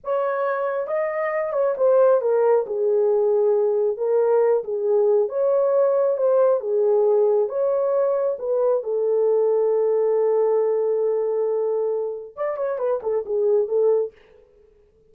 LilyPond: \new Staff \with { instrumentName = "horn" } { \time 4/4 \tempo 4 = 136 cis''2 dis''4. cis''8 | c''4 ais'4 gis'2~ | gis'4 ais'4. gis'4. | cis''2 c''4 gis'4~ |
gis'4 cis''2 b'4 | a'1~ | a'1 | d''8 cis''8 b'8 a'8 gis'4 a'4 | }